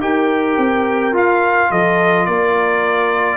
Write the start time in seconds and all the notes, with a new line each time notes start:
0.00 D#4 G4 A#4 G5
0.57 C4
1.13 F4 F5
1.71 F3 A4 D#5
2.26 A#3 A#4 D5